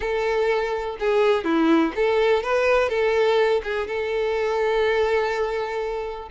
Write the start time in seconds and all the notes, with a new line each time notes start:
0.00 A4
0.99 G#4
1.44 E4
1.95 A4
2.43 B4
2.89 A4
3.63 G#4
3.87 A4